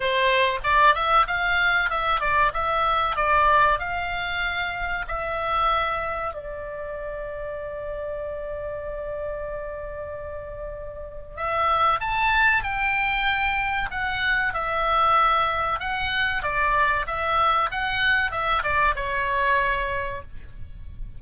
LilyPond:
\new Staff \with { instrumentName = "oboe" } { \time 4/4 \tempo 4 = 95 c''4 d''8 e''8 f''4 e''8 d''8 | e''4 d''4 f''2 | e''2 d''2~ | d''1~ |
d''2 e''4 a''4 | g''2 fis''4 e''4~ | e''4 fis''4 d''4 e''4 | fis''4 e''8 d''8 cis''2 | }